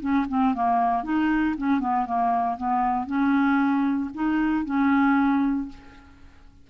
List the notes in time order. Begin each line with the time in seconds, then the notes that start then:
0.00 C#4
0.29 C4
0.54 A#3
1.03 D#4
1.57 C#4
1.80 B3
2.06 A#3
2.57 B3
3.07 C#4
4.14 D#4
4.65 C#4